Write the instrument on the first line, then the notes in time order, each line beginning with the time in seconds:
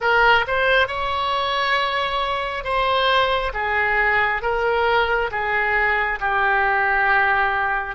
oboe
0.00 A#4
0.47 C5
0.87 C#5
2.64 C5
3.53 G#4
4.42 A#4
5.31 G#4
6.20 G4